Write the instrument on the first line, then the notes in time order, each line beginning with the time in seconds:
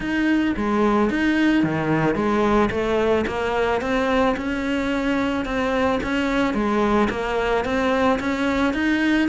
cello
0.00 D#4
0.56 G#3
1.10 D#4
1.63 D#3
2.15 G#3
2.70 A3
3.27 A#3
3.81 C4
4.36 C#4
5.45 C4
6.03 C#4
6.54 G#3
7.10 A#3
7.64 C4
8.19 C#4
8.73 D#4